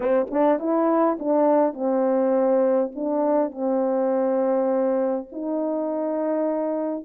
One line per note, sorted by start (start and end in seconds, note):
0.00 0.26 C4
0.30 0.59 D4
0.59 1.18 E4
1.19 1.73 D4
1.73 2.91 C4
2.95 3.51 D4
3.51 5.27 C4
5.32 7.05 D#4